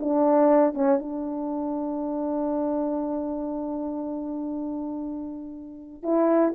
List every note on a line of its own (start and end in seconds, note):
0.00 0.75 D4
0.75 1.00 C#4
1.00 6.03 D4
6.03 6.54 E4